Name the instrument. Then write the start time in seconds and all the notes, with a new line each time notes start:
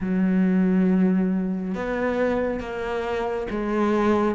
cello
0.00 F#3
1.74 B3
2.60 A#3
3.50 G#3